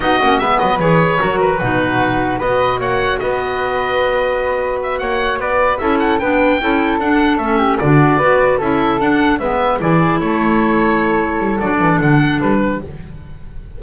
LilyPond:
<<
  \new Staff \with { instrumentName = "oboe" } { \time 4/4 \tempo 4 = 150 dis''4 e''8 dis''8 cis''4. b'8~ | b'2 dis''4 fis''4 | dis''1 | e''8 fis''4 d''4 e''8 fis''8 g''8~ |
g''4. fis''4 e''4 d''8~ | d''4. e''4 fis''4 e''8~ | e''8 d''4 cis''2~ cis''8~ | cis''4 d''4 fis''4 b'4 | }
  \new Staff \with { instrumentName = "flute" } { \time 4/4 fis'4 b'2 ais'4 | fis'2 b'4 cis''4 | b'1~ | b'8 cis''4 b'4 a'4 b'8~ |
b'8 a'2~ a'8 g'8 fis'8~ | fis'8 b'4 a'2 b'8~ | b'8 gis'4 a'2~ a'8~ | a'2.~ a'8 g'8 | }
  \new Staff \with { instrumentName = "clarinet" } { \time 4/4 dis'8 cis'8 b4 gis'4 fis'4 | dis'2 fis'2~ | fis'1~ | fis'2~ fis'8 e'4 d'8~ |
d'8 e'4 d'4 cis'4 d'8~ | d'8 fis'4 e'4 d'4 b8~ | b8 e'2.~ e'8~ | e'4 d'2. | }
  \new Staff \with { instrumentName = "double bass" } { \time 4/4 b8 ais8 gis8 fis8 e4 fis4 | b,2 b4 ais4 | b1~ | b8 ais4 b4 cis'4 b8~ |
b8 cis'4 d'4 a4 d8~ | d8 b4 cis'4 d'4 gis8~ | gis8 e4 a2~ a8~ | a8 g8 fis8 e8 d4 g4 | }
>>